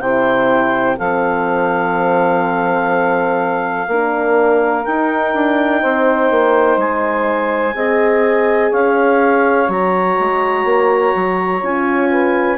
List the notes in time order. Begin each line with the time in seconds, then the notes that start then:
0.00 C3 E4 C5 G5
0.97 F3 C4 A4 F5
3.88 A#3 D4 A#4
4.85 D#4 G5
5.34 D4
5.81 C4 C5
6.31 A#3
6.77 G#3 G#5
7.75 C4 G#4 D#5
8.70 C#4 C#5 F5
9.67 F#3 F#4 A#5
10.20 G#3
10.65 A#3
11.15 F#3
11.63 C#4 F4 G#5
12.10 B4